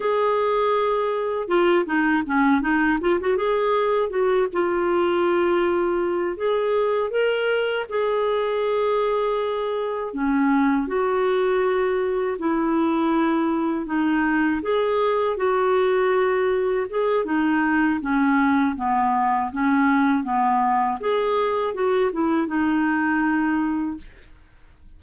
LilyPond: \new Staff \with { instrumentName = "clarinet" } { \time 4/4 \tempo 4 = 80 gis'2 f'8 dis'8 cis'8 dis'8 | f'16 fis'16 gis'4 fis'8 f'2~ | f'8 gis'4 ais'4 gis'4.~ | gis'4. cis'4 fis'4.~ |
fis'8 e'2 dis'4 gis'8~ | gis'8 fis'2 gis'8 dis'4 | cis'4 b4 cis'4 b4 | gis'4 fis'8 e'8 dis'2 | }